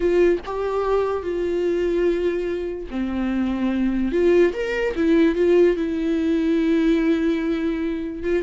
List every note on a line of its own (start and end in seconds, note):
0.00 0.38 F4
0.45 1.22 G4
1.22 2.87 F4
2.90 4.12 C4
4.12 4.53 F4
4.53 4.94 A#4
4.95 5.35 E4
5.35 5.76 F4
5.76 8.23 E4
8.23 8.43 F4